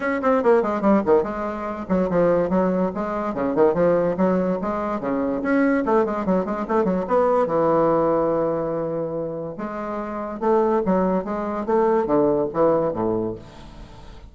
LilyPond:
\new Staff \with { instrumentName = "bassoon" } { \time 4/4 \tempo 4 = 144 cis'8 c'8 ais8 gis8 g8 dis8 gis4~ | gis8 fis8 f4 fis4 gis4 | cis8 dis8 f4 fis4 gis4 | cis4 cis'4 a8 gis8 fis8 gis8 |
a8 fis8 b4 e2~ | e2. gis4~ | gis4 a4 fis4 gis4 | a4 d4 e4 a,4 | }